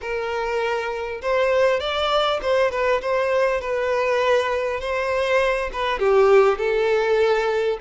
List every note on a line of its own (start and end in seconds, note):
0.01 1.21 A#4
1.21 1.79 C5
1.79 2.39 D5
2.42 2.71 C5
2.71 3.01 B4
3.01 3.60 C5
3.60 4.80 B4
4.80 5.70 C5
5.72 5.99 B4
5.99 6.58 G4
6.58 7.78 A4